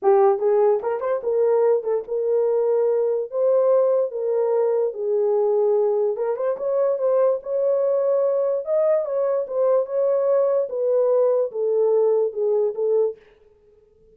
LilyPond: \new Staff \with { instrumentName = "horn" } { \time 4/4 \tempo 4 = 146 g'4 gis'4 ais'8 c''8 ais'4~ | ais'8 a'8 ais'2. | c''2 ais'2 | gis'2. ais'8 c''8 |
cis''4 c''4 cis''2~ | cis''4 dis''4 cis''4 c''4 | cis''2 b'2 | a'2 gis'4 a'4 | }